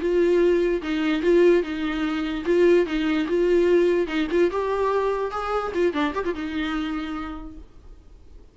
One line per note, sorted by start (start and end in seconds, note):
0.00 0.82 F4
0.82 1.22 D#4
1.22 1.63 F4
1.63 2.44 D#4
2.45 2.86 F4
2.86 3.27 D#4
3.28 4.07 F4
4.07 4.28 D#4
4.31 4.51 F4
4.51 5.31 G4
5.31 5.72 G#4
5.74 5.93 F4
5.93 6.14 D4
6.14 6.24 G4
6.25 6.35 F4
6.35 7.57 D#4